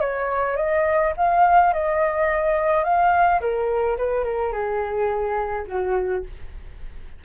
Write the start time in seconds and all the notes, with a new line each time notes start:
0.00 C#5
0.56 D#5
1.17 F5
1.73 D#5
2.84 F5
3.40 A#4
3.97 B4
4.24 A#4
4.52 G#4
5.67 F#4